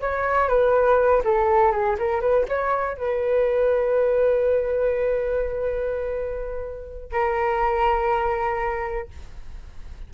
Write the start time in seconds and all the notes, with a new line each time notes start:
0.00 C#5
0.48 B4
1.24 A4
1.71 G#4
1.98 A#4
2.21 B4
2.48 C#5
2.97 B4
7.11 A#4